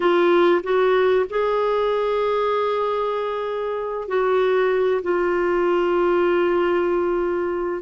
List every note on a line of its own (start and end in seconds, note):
0.00 0.61 F4
0.63 1.25 F#4
1.29 4.07 G#4
4.07 5.01 F#4
5.02 7.82 F4